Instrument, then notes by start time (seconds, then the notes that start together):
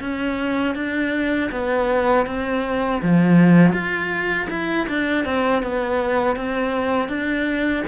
cello
0.00 C#4
0.75 D4
1.51 B3
2.26 C4
3.02 F3
3.72 F4
4.49 E4
4.88 D4
5.25 C4
5.62 B3
6.36 C4
7.08 D4